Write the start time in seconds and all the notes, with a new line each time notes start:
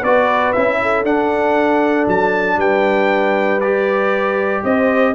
0.00 B3 F#4 B4 D5
0.53 C#4 E4 E5
0.82 A4
1.04 D4 F#5
2.08 F#3 A5
2.57 G3 B4 G5
3.61 G4 D5
4.64 C4 C5 D#5